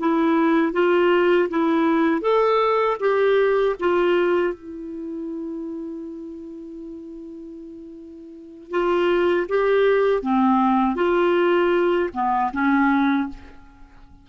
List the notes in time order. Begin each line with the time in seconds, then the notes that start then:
0.00 E4
0.73 F4
1.50 E4
2.22 A4
3.00 G4
3.80 F4
4.54 E4
8.71 F4
9.49 G4
10.23 C4
10.96 F4
12.14 B3
12.53 C#4